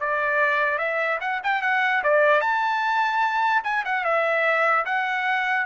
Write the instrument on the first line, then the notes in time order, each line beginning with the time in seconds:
trumpet
0.00 D5
0.78 E5
1.21 F#5
1.43 G5
1.61 F#5
2.03 D5
2.41 A5
3.63 G#5
3.85 F#5
4.04 E5
4.85 F#5